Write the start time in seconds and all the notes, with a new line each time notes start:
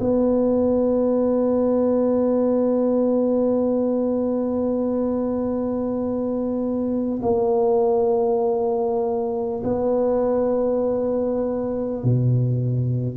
0.00 B3
7.22 A#3
9.63 B3
12.03 B2